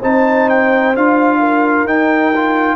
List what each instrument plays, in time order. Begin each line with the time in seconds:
0.00 tuba C4, trombone D#4, horn C5, trumpet A5
0.49 trumpet G5
0.95 tuba D4, trombone F4, trumpet F5
1.40 horn A#4
1.85 tuba D#4, trombone D#4, trumpet G5
2.35 trombone F4